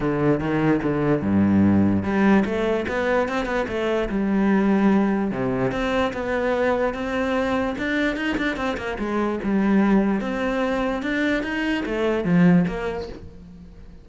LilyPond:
\new Staff \with { instrumentName = "cello" } { \time 4/4 \tempo 4 = 147 d4 dis4 d4 g,4~ | g,4 g4 a4 b4 | c'8 b8 a4 g2~ | g4 c4 c'4 b4~ |
b4 c'2 d'4 | dis'8 d'8 c'8 ais8 gis4 g4~ | g4 c'2 d'4 | dis'4 a4 f4 ais4 | }